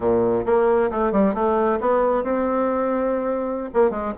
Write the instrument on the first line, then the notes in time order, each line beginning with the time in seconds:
bassoon
0.00 A#2
0.45 A#3
0.90 A3
1.12 G3
1.34 A3
1.80 B3
2.23 C4
3.73 A#3
3.90 G#3